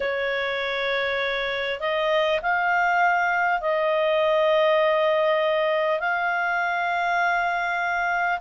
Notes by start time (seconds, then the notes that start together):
0.00 C#5
1.80 D#5
2.42 F5
3.60 D#5
5.99 F5